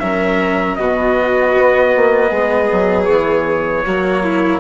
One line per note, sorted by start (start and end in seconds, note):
0.00 0.79 F#3
0.00 0.78 C#4
0.00 0.79 A#4
0.00 0.76 E5
0.76 1.56 B2
0.76 3.85 B3
0.76 2.30 F#4
0.76 3.05 D#5
1.57 1.95 B3
1.96 2.31 A#3
2.30 2.70 G#3
2.30 3.84 G#4
2.72 3.08 F#3
3.05 3.85 E3
3.05 4.59 C#5
3.85 4.61 F#3
3.85 4.61 A#3
3.85 4.24 F#4
4.24 4.61 E4